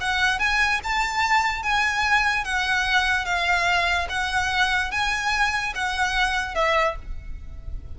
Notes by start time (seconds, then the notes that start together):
0.00 F#5
0.39 G#5
0.83 A5
1.63 G#5
2.44 F#5
3.25 F5
4.09 F#5
4.91 G#5
5.74 F#5
6.55 E5